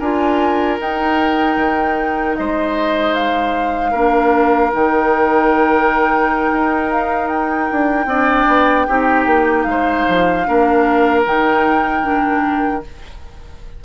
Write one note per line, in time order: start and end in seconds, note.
0.00 0.79 D4
0.00 0.80 F4
0.00 2.37 A#4
0.00 0.79 G#5
0.80 1.57 D#4
0.80 3.96 D#4
0.80 2.36 G5
1.57 2.36 D#3
2.36 3.94 G#3
2.36 3.92 C5
2.36 3.15 D#5
3.15 4.73 F5
3.92 4.73 A#3
3.92 4.72 D4
3.92 8.06 A#4
4.72 6.52 D#3
4.72 8.08 D#4
4.72 6.92 G5
6.53 7.71 D#4
6.92 7.29 F5
7.29 9.63 G5
7.72 8.06 D4
8.06 8.45 C4
8.06 8.89 D4
8.06 8.87 D5
8.48 8.87 B3
8.87 9.26 C4
8.87 10.46 D#4
8.87 9.66 G4
9.26 9.66 A#3
9.63 10.06 G#3
9.63 11.21 F5
9.71 10.48 C5
10.09 10.48 F3
10.46 11.26 A#3
10.46 11.25 D4
10.46 12.85 A#4
11.26 12.84 D#3
11.26 12.03 D#4
11.26 12.84 G5
12.03 12.82 D4